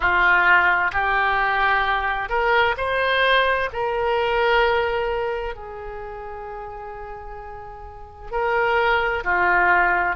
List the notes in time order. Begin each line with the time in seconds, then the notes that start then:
0.00 F4
0.92 G4
2.29 A#4
2.77 C5
3.72 A#4
5.55 G#4
8.31 A#4
9.23 F4